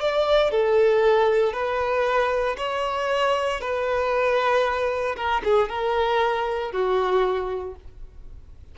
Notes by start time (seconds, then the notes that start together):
0.00 D5
0.51 A4
1.52 B4
2.57 C#5
3.60 B4
5.16 A#4
5.44 G#4
5.68 A#4
6.71 F#4